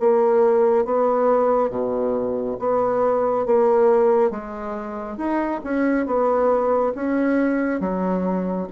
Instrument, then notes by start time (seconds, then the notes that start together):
bassoon
0.00 A#3
0.85 B3
1.70 B2
2.59 B3
3.46 A#3
4.31 G#3
5.18 D#4
5.64 C#4
6.07 B3
6.96 C#4
7.81 F#3